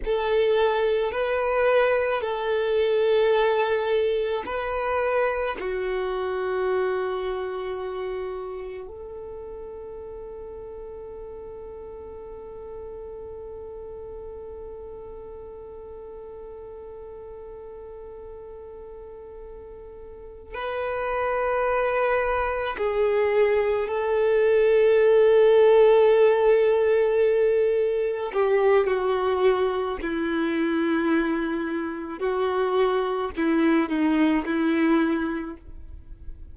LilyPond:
\new Staff \with { instrumentName = "violin" } { \time 4/4 \tempo 4 = 54 a'4 b'4 a'2 | b'4 fis'2. | a'1~ | a'1~ |
a'2~ a'8 b'4.~ | b'8 gis'4 a'2~ a'8~ | a'4. g'8 fis'4 e'4~ | e'4 fis'4 e'8 dis'8 e'4 | }